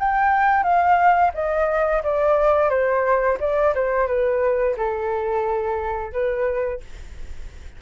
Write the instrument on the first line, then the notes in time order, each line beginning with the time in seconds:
flute
0.00 G5
0.64 F5
1.35 D#5
2.03 D5
2.70 C5
3.40 D5
3.75 C5
4.08 B4
4.77 A4
6.13 B4